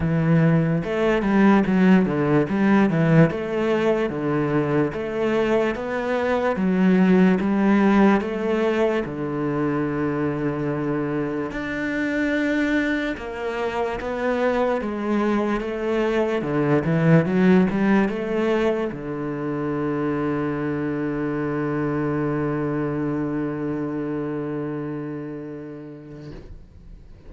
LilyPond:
\new Staff \with { instrumentName = "cello" } { \time 4/4 \tempo 4 = 73 e4 a8 g8 fis8 d8 g8 e8 | a4 d4 a4 b4 | fis4 g4 a4 d4~ | d2 d'2 |
ais4 b4 gis4 a4 | d8 e8 fis8 g8 a4 d4~ | d1~ | d1 | }